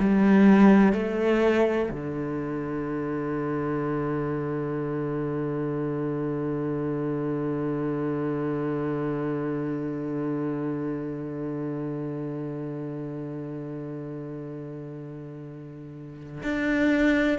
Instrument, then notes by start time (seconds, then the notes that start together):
cello
0.00 G3
0.93 A3
1.91 D3
16.43 D4